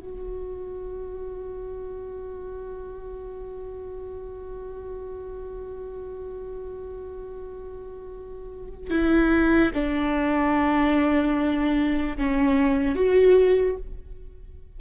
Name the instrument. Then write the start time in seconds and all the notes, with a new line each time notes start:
viola
0.00 F#4
8.91 E4
9.74 D4
12.18 C#4
12.96 F#4